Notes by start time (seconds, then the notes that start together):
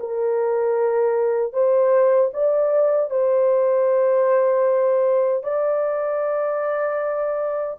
0.00 A#4
1.53 C5
2.34 D5
3.11 C5
5.44 D5